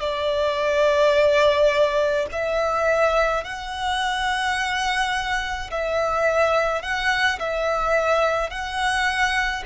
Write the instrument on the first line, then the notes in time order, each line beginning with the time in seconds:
violin
0.00 D5
2.32 E5
3.44 F#5
5.71 E5
6.82 F#5
7.39 E5
8.50 F#5